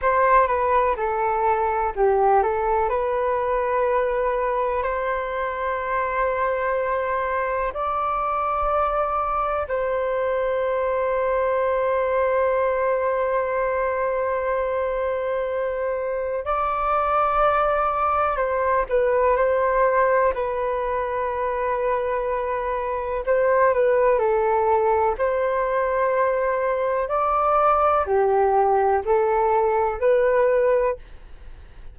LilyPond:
\new Staff \with { instrumentName = "flute" } { \time 4/4 \tempo 4 = 62 c''8 b'8 a'4 g'8 a'8 b'4~ | b'4 c''2. | d''2 c''2~ | c''1~ |
c''4 d''2 c''8 b'8 | c''4 b'2. | c''8 b'8 a'4 c''2 | d''4 g'4 a'4 b'4 | }